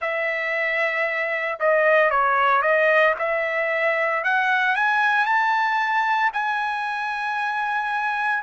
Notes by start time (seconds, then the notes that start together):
0.01 E5
1.59 D#5
2.10 C#5
2.61 D#5
3.19 E5
4.23 F#5
4.75 G#5
5.25 A5
6.33 G#5